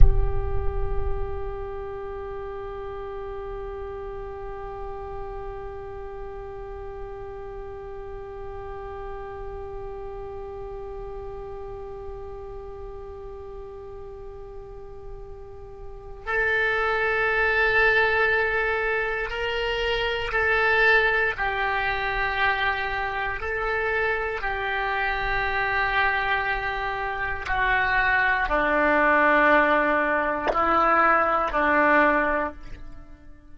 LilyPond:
\new Staff \with { instrumentName = "oboe" } { \time 4/4 \tempo 4 = 59 g'1~ | g'1~ | g'1~ | g'1 |
a'2. ais'4 | a'4 g'2 a'4 | g'2. fis'4 | d'2 e'4 d'4 | }